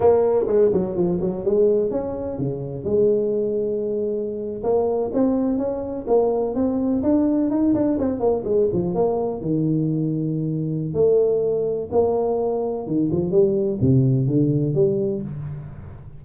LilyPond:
\new Staff \with { instrumentName = "tuba" } { \time 4/4 \tempo 4 = 126 ais4 gis8 fis8 f8 fis8 gis4 | cis'4 cis4 gis2~ | gis4.~ gis16 ais4 c'4 cis'16~ | cis'8. ais4 c'4 d'4 dis'16~ |
dis'16 d'8 c'8 ais8 gis8 f8 ais4 dis16~ | dis2. a4~ | a4 ais2 dis8 f8 | g4 c4 d4 g4 | }